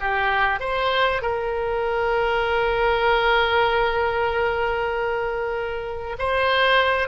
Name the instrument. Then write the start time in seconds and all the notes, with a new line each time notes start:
oboe
0.00 G4
0.59 C5
1.21 A#4
6.19 C5